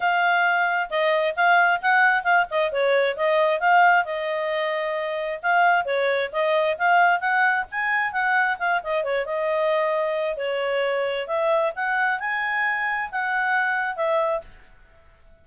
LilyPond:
\new Staff \with { instrumentName = "clarinet" } { \time 4/4 \tempo 4 = 133 f''2 dis''4 f''4 | fis''4 f''8 dis''8 cis''4 dis''4 | f''4 dis''2. | f''4 cis''4 dis''4 f''4 |
fis''4 gis''4 fis''4 f''8 dis''8 | cis''8 dis''2~ dis''8 cis''4~ | cis''4 e''4 fis''4 gis''4~ | gis''4 fis''2 e''4 | }